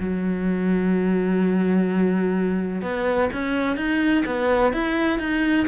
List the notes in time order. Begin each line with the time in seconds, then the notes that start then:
0.00 F#3
2.82 B3
3.33 C#4
3.77 D#4
4.26 B3
4.73 E4
5.19 D#4